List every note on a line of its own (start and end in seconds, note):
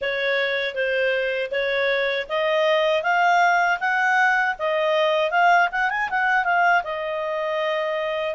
0.01 0.74 C#5
0.74 1.50 C5
1.51 2.26 C#5
2.29 3.02 D#5
3.02 3.78 F5
3.79 4.55 F#5
4.58 5.30 D#5
5.30 5.68 F5
5.71 5.90 F#5
5.90 6.09 G#5
6.10 6.44 F#5
6.44 6.82 F5
6.84 8.35 D#5